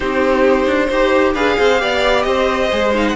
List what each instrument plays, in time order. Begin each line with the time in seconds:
0.00 cello C4, viola D#4, violin G4 C5
0.66 cello D4
0.87 cello D#4, viola G4, violin C5
1.34 cello D4, viola G#4, violin B4 F5
1.58 cello C4, violin C5
1.79 cello B3, viola G4, violin D5
2.22 cello C4, violin C5 D#5
2.71 cello G#3, viola G#4
2.93 viola D#4, violin F5
3.07 violin F#5